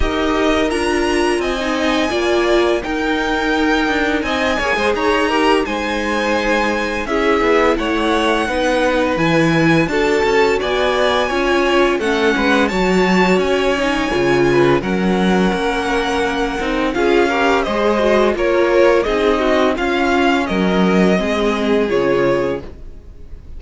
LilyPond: <<
  \new Staff \with { instrumentName = "violin" } { \time 4/4 \tempo 4 = 85 dis''4 ais''4 gis''2 | g''2 gis''4 ais''4 | gis''2 e''4 fis''4~ | fis''4 gis''4 a''4 gis''4~ |
gis''4 fis''4 a''4 gis''4~ | gis''4 fis''2. | f''4 dis''4 cis''4 dis''4 | f''4 dis''2 cis''4 | }
  \new Staff \with { instrumentName = "violin" } { \time 4/4 ais'2 dis''4 d''4 | ais'2 dis''8 cis''16 c''16 cis''8 ais'8 | c''2 gis'4 cis''4 | b'2 a'4 d''4 |
cis''4 a'8 b'8 cis''2~ | cis''8 b'8 ais'2. | gis'8 ais'8 c''4 ais'4 gis'8 fis'8 | f'4 ais'4 gis'2 | }
  \new Staff \with { instrumentName = "viola" } { \time 4/4 g'4 f'4~ f'16 dis'8. f'4 | dis'2~ dis'8 gis'4 g'8 | dis'2 e'2 | dis'4 e'4 fis'2 |
f'4 cis'4 fis'4. dis'8 | f'4 cis'2~ cis'8 dis'8 | f'8 g'8 gis'8 fis'8 f'4 dis'4 | cis'2 c'4 f'4 | }
  \new Staff \with { instrumentName = "cello" } { \time 4/4 dis'4 d'4 c'4 ais4 | dis'4. d'8 c'8 ais16 gis16 dis'4 | gis2 cis'8 b8 a4 | b4 e4 d'8 cis'8 b4 |
cis'4 a8 gis8 fis4 cis'4 | cis4 fis4 ais4. c'8 | cis'4 gis4 ais4 c'4 | cis'4 fis4 gis4 cis4 | }
>>